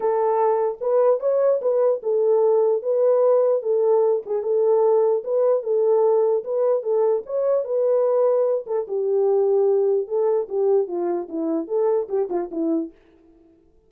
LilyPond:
\new Staff \with { instrumentName = "horn" } { \time 4/4 \tempo 4 = 149 a'2 b'4 cis''4 | b'4 a'2 b'4~ | b'4 a'4. gis'8 a'4~ | a'4 b'4 a'2 |
b'4 a'4 cis''4 b'4~ | b'4. a'8 g'2~ | g'4 a'4 g'4 f'4 | e'4 a'4 g'8 f'8 e'4 | }